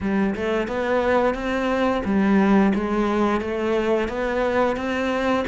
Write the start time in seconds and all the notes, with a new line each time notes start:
0.00 G3
0.35 A3
0.67 B3
1.34 C4
2.05 G3
2.74 G#3
3.41 A3
4.08 B3
4.76 C4